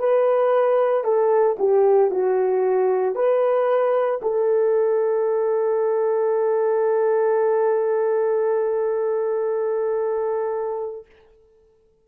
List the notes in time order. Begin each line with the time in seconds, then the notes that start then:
0.00 B4
1.05 A4
1.59 G4
2.11 F#4
3.16 B4
4.22 A4